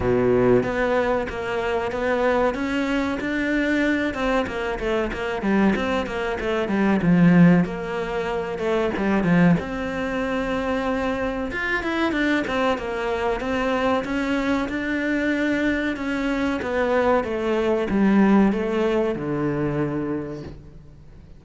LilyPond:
\new Staff \with { instrumentName = "cello" } { \time 4/4 \tempo 4 = 94 b,4 b4 ais4 b4 | cis'4 d'4. c'8 ais8 a8 | ais8 g8 c'8 ais8 a8 g8 f4 | ais4. a8 g8 f8 c'4~ |
c'2 f'8 e'8 d'8 c'8 | ais4 c'4 cis'4 d'4~ | d'4 cis'4 b4 a4 | g4 a4 d2 | }